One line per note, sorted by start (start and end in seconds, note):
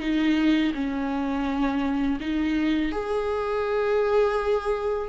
0.00 0.72 D#4
0.74 2.19 C#4
2.20 2.92 D#4
2.92 5.09 G#4